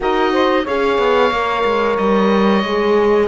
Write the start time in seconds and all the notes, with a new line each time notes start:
0.00 D#4 F#4 A#4 D#5
0.32 C5
0.63 C#4 G#4 C#5 F5
0.98 B3
1.30 A#3 A#4
1.65 G#3
1.97 G3 D#5
2.63 G#3 G#4